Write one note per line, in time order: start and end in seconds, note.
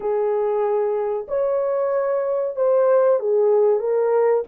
0.00 1.26 G#4
1.28 2.55 C#5
2.55 3.19 C5
3.19 3.79 G#4
3.79 4.43 A#4